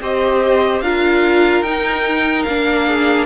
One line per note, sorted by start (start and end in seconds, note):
0.00 0.81 C4
0.00 0.83 G4
0.00 0.83 C5
0.00 0.81 D#5
0.81 1.61 D4
0.81 1.64 F4
0.81 2.86 A#4
0.81 1.62 F5
1.61 2.43 D#4
1.61 2.46 D#4
1.61 2.42 G5
2.42 3.26 A#3
2.42 3.26 D4
2.42 3.24 F5
2.86 3.26 G#4